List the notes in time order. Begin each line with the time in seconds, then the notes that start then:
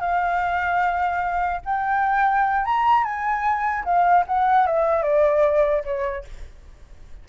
0.00 F5
1.65 G5
2.65 A#5
3.04 G#5
3.84 F5
4.26 F#5
4.66 E5
5.02 D5
5.84 C#5